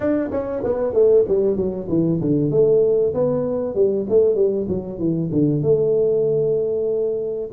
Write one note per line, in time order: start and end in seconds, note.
0.00 0.30 D4
0.31 0.62 C#4
0.64 0.93 B3
0.93 1.24 A3
1.28 1.56 G3
1.56 1.88 F#3
1.88 2.20 E3
2.20 2.51 D3
2.51 3.13 A3
3.14 3.74 B3
3.74 4.06 G3
4.09 4.35 A3
4.35 4.66 G3
4.68 4.98 F#3
4.98 5.30 E3
5.32 5.62 D3
5.62 7.49 A3